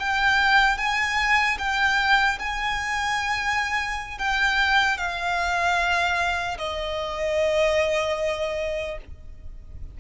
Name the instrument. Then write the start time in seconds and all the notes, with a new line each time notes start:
violin
0.00 G5
0.77 G#5
1.59 G5
2.39 G#5
4.19 G5
4.98 F5
6.58 D#5